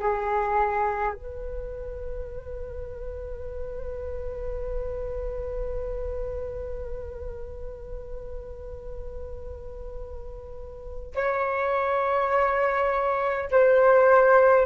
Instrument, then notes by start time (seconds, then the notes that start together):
flute
0.00 G#4
1.14 B4
11.14 C#5
13.51 C5